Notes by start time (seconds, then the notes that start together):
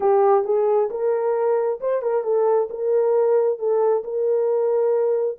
0.00 G4
0.44 G#4
0.90 A#4
1.80 C5
2.02 A#4
2.23 A4
2.70 A#4
3.58 A4
4.03 A#4